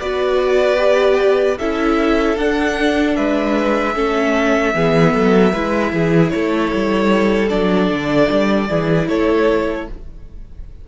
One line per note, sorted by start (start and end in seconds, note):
0.00 1.59 B3
0.00 0.77 F#4
0.00 1.58 B4
0.00 1.58 D5
0.77 1.56 G4
1.59 2.37 C#4
1.59 2.38 E4
1.59 3.16 A4
1.59 2.37 E5
2.37 3.16 D4
2.37 3.95 D4
2.37 3.16 F#5
3.16 3.96 G#3
3.16 3.95 B4
3.16 6.30 E5
3.95 4.74 A3
3.95 4.74 C#4
3.95 4.74 A4
4.74 5.14 E3
4.74 5.54 B3
4.74 5.14 G#4
5.14 5.53 F#3
5.14 5.53 A4
5.53 5.92 G#3
5.53 7.49 E4
5.53 5.92 B4
5.92 6.32 E3
5.92 6.33 G#4
6.30 6.72 A3
6.30 8.69 A4
6.30 7.48 C#5
6.72 7.51 G3
7.49 7.90 F#3
7.49 8.67 D4
7.49 9.08 D5
7.90 8.29 D3
8.29 8.69 G3
8.69 9.08 E3
8.69 9.88 E4
8.69 9.08 G#4
9.08 9.88 A3
9.08 9.87 A4
9.08 9.87 C#5